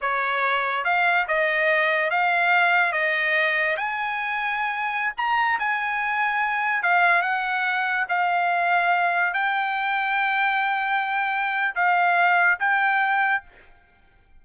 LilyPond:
\new Staff \with { instrumentName = "trumpet" } { \time 4/4 \tempo 4 = 143 cis''2 f''4 dis''4~ | dis''4 f''2 dis''4~ | dis''4 gis''2.~ | gis''16 ais''4 gis''2~ gis''8.~ |
gis''16 f''4 fis''2 f''8.~ | f''2~ f''16 g''4.~ g''16~ | g''1 | f''2 g''2 | }